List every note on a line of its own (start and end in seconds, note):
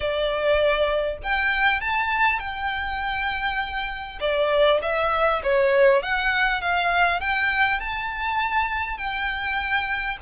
0.00 1.17 D5
1.23 1.80 G5
1.80 2.39 A5
2.39 4.19 G5
4.20 4.80 D5
4.82 5.41 E5
5.43 6.02 C#5
6.02 6.61 F#5
6.61 7.20 F5
7.20 7.79 G5
7.79 8.97 A5
8.97 10.17 G5